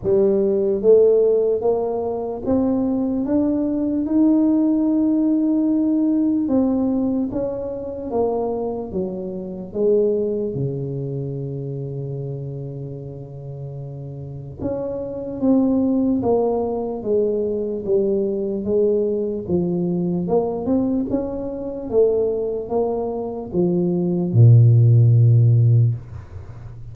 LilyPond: \new Staff \with { instrumentName = "tuba" } { \time 4/4 \tempo 4 = 74 g4 a4 ais4 c'4 | d'4 dis'2. | c'4 cis'4 ais4 fis4 | gis4 cis2.~ |
cis2 cis'4 c'4 | ais4 gis4 g4 gis4 | f4 ais8 c'8 cis'4 a4 | ais4 f4 ais,2 | }